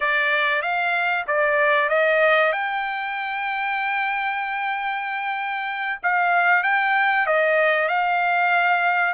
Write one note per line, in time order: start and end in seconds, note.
0.00 0.61 D5
0.61 1.25 F5
1.27 1.89 D5
1.89 2.52 D#5
2.52 5.99 G5
6.02 6.63 F5
6.63 7.26 G5
7.26 7.88 D#5
7.88 9.13 F5